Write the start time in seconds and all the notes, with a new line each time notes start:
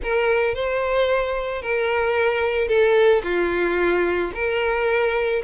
0.02 A#4
0.54 C5
1.62 A#4
2.68 A4
3.23 F4
4.34 A#4